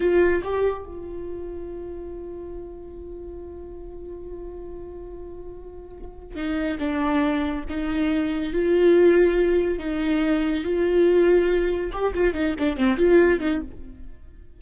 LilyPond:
\new Staff \with { instrumentName = "viola" } { \time 4/4 \tempo 4 = 141 f'4 g'4 f'2~ | f'1~ | f'1~ | f'2. dis'4 |
d'2 dis'2 | f'2. dis'4~ | dis'4 f'2. | g'8 f'8 dis'8 d'8 c'8 f'4 dis'8 | }